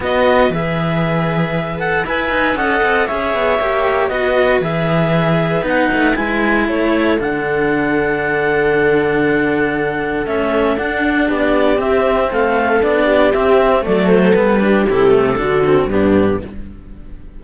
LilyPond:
<<
  \new Staff \with { instrumentName = "clarinet" } { \time 4/4 \tempo 4 = 117 dis''4 e''2~ e''8 fis''8 | gis''4 fis''4 e''2 | dis''4 e''2 fis''4 | gis''4 cis''4 fis''2~ |
fis''1 | e''4 fis''4 d''4 e''4 | f''4 d''4 e''4 d''8 c''8 | b'4 a'2 g'4 | }
  \new Staff \with { instrumentName = "viola" } { \time 4/4 b'1 | e''4 dis''4 cis''2 | b'1~ | b'4 a'2.~ |
a'1~ | a'2 g'2 | a'4. g'4. a'4~ | a'8 g'4. fis'4 d'4 | }
  \new Staff \with { instrumentName = "cello" } { \time 4/4 fis'4 gis'2~ gis'8 a'8 | b'4 a'4 gis'4 g'4 | fis'4 gis'2 dis'4 | e'2 d'2~ |
d'1 | cis'4 d'2 c'4~ | c'4 d'4 c'4 a4 | b8 d'8 e'8 a8 d'8 c'8 b4 | }
  \new Staff \with { instrumentName = "cello" } { \time 4/4 b4 e2. | e'8 dis'8 cis'8 c'8 cis'8 b8 ais4 | b4 e2 b8 a8 | gis4 a4 d2~ |
d1 | a4 d'4 b4 c'4 | a4 b4 c'4 fis4 | g4 c4 d4 g,4 | }
>>